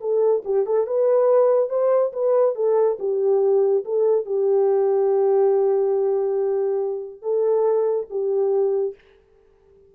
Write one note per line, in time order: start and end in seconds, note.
0.00 0.43 A4
0.44 0.66 G4
0.66 0.87 A4
0.87 1.69 B4
1.69 2.12 C5
2.13 2.55 B4
2.55 2.97 A4
2.99 3.84 G4
3.85 4.26 A4
4.26 7.22 G4
7.22 8.07 A4
8.10 8.95 G4